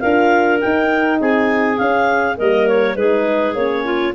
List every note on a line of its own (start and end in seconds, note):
0.00 0.63 D4
0.00 0.60 F4
0.00 1.20 A#4
0.00 0.59 F5
0.60 1.76 D#4
0.60 1.21 D#4
0.60 1.19 G5
1.20 1.79 C4
1.20 2.37 G#4
1.20 1.78 G#5
1.76 2.35 C#4
1.76 2.39 C#4
1.76 2.37 F5
2.37 2.96 G3
2.37 2.97 A#3
2.37 2.96 A#4
2.37 2.68 D#5
2.68 2.96 C#5
2.96 3.55 G#3
2.96 3.55 D#4
2.96 3.84 G#4
2.96 3.55 B4
3.55 4.14 A#3
3.55 4.14 C#4
3.55 4.14 C#5
3.84 4.14 F4